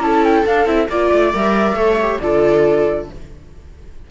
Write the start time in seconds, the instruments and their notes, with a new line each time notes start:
0.00 cello C#4, viola E4 A4, flute A5
0.24 flute G5
0.46 cello D4, viola D4, flute F5
0.66 cello C4, viola E4, flute E5
0.89 cello A#3, viola F4 D5, flute D5
1.12 cello A3
1.33 cello G3, viola A#4, flute E5
1.73 cello A3, viola A4 C#5
2.02 viola G4
2.20 cello D3, viola F4 A4, flute D5